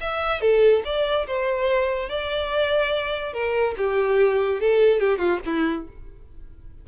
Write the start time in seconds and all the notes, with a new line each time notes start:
0.00 E5
0.41 A4
0.84 D5
1.27 C5
2.09 D5
3.33 A#4
3.77 G4
4.60 A4
5.00 G4
5.18 F4
5.45 E4